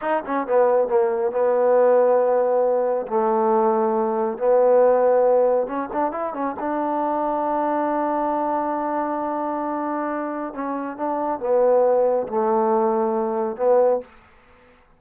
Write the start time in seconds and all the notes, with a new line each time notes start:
0.01 D#4
0.26 C#4
0.46 B3
0.88 A#3
1.31 B3
3.07 A3
4.37 B3
5.67 C#4
5.92 D4
6.11 E4
6.33 C#4
6.59 D4
10.53 C#4
10.96 D4
11.39 B3
12.28 A3
13.56 B3